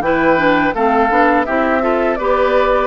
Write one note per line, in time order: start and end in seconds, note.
0.00 0.72 E3
0.00 0.37 E4
0.00 0.75 B4
0.00 0.74 G5
0.37 0.73 D4
0.75 1.10 A3
0.75 1.10 C4
0.75 1.46 A4
0.75 1.45 F5
1.10 1.47 B3
1.10 1.46 D4
1.45 2.19 C4
1.45 1.81 E4
1.45 1.82 G4
1.45 2.16 E5
1.81 2.17 F4
1.81 2.19 A4
2.16 2.87 B3
2.16 2.87 G4
2.16 2.87 B4
2.16 2.87 D5